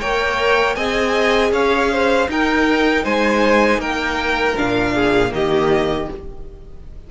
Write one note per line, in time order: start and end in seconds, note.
0.00 0.76 A#3
0.00 0.76 A#4
0.00 0.75 C#5
0.00 0.75 G5
0.75 1.51 C4
0.75 2.28 G#4
0.75 1.51 D#5
0.75 1.51 G#5
1.51 2.27 C#4
1.51 1.90 C#5
1.51 2.29 F5
1.91 2.29 C5
2.28 4.56 D#4
2.28 3.04 D#4
2.28 3.04 A#4
2.28 3.04 G5
3.04 3.78 G#3
3.04 3.80 C5
3.04 3.80 G#5
3.78 4.53 A#3
3.78 4.94 A#4
3.78 4.56 G5
4.56 5.31 A#2
4.56 5.29 D4
4.56 5.33 F5
4.94 5.32 G#4
5.29 6.07 D#3
5.29 6.05 A#3
5.29 6.10 G4
5.29 6.09 D#5